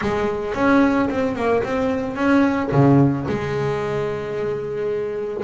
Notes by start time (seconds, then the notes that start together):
0.01 G#3
0.54 C#4
1.09 C4
1.35 A#3
1.63 C4
2.15 C#4
2.71 C#3
3.28 G#3